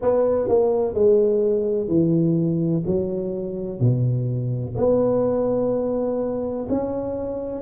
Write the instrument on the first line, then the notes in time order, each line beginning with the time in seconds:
tuba
0.01 B3
0.48 A#3
0.94 G#3
1.88 E3
2.86 F#3
3.80 B2
4.77 B3
6.69 C#4